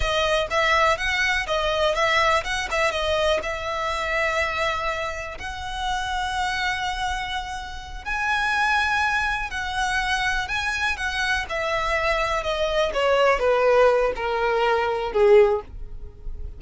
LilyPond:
\new Staff \with { instrumentName = "violin" } { \time 4/4 \tempo 4 = 123 dis''4 e''4 fis''4 dis''4 | e''4 fis''8 e''8 dis''4 e''4~ | e''2. fis''4~ | fis''1~ |
fis''8 gis''2. fis''8~ | fis''4. gis''4 fis''4 e''8~ | e''4. dis''4 cis''4 b'8~ | b'4 ais'2 gis'4 | }